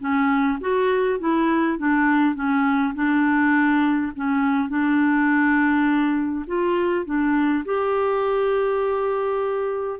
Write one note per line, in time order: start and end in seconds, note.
0.00 0.59 C#4
0.61 1.20 F#4
1.20 1.79 E4
1.79 2.35 D4
2.35 2.94 C#4
2.95 4.13 D4
4.16 4.69 C#4
4.69 6.46 D4
6.47 7.06 F4
7.06 7.64 D4
7.65 10.00 G4